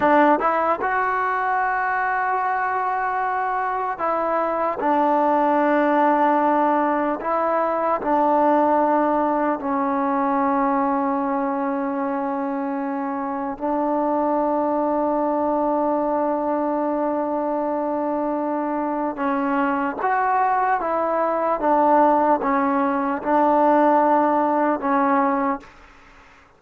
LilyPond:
\new Staff \with { instrumentName = "trombone" } { \time 4/4 \tempo 4 = 75 d'8 e'8 fis'2.~ | fis'4 e'4 d'2~ | d'4 e'4 d'2 | cis'1~ |
cis'4 d'2.~ | d'1 | cis'4 fis'4 e'4 d'4 | cis'4 d'2 cis'4 | }